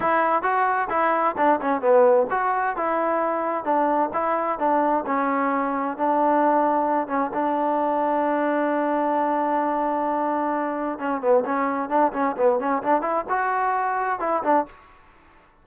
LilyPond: \new Staff \with { instrumentName = "trombone" } { \time 4/4 \tempo 4 = 131 e'4 fis'4 e'4 d'8 cis'8 | b4 fis'4 e'2 | d'4 e'4 d'4 cis'4~ | cis'4 d'2~ d'8 cis'8 |
d'1~ | d'1 | cis'8 b8 cis'4 d'8 cis'8 b8 cis'8 | d'8 e'8 fis'2 e'8 d'8 | }